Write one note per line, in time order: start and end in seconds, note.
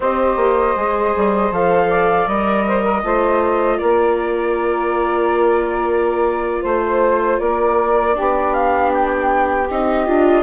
0.00 0.36 C4
0.00 0.76 G4
0.00 1.89 C5
0.00 1.53 D#5
0.36 0.74 A#3
0.76 1.14 G#3
0.76 1.52 G#4
1.16 1.51 G3
1.51 2.27 F3
1.51 2.27 A4
1.51 2.28 F5
1.89 2.65 D5
2.27 3.03 G3
2.27 3.03 A#4
2.27 3.78 D#5
2.66 2.83 C5
2.83 3.02 A#4
3.03 3.79 A3
3.03 8.13 F4
3.03 3.78 C5
3.78 6.63 A#3
3.78 6.61 A#4
3.78 6.63 D5
6.61 7.39 A3
6.61 7.37 C5
6.61 7.39 C5
7.38 8.16 A#3
7.38 8.14 A#4
7.38 8.53 D5
8.13 9.65 D4
8.13 10.42 G4
8.19 9.69 B3
8.53 8.91 F5
8.93 9.69 G5
9.69 10.07 C4
9.69 10.06 D#4
9.69 10.43 D#5
10.06 10.43 D4
10.06 10.43 F4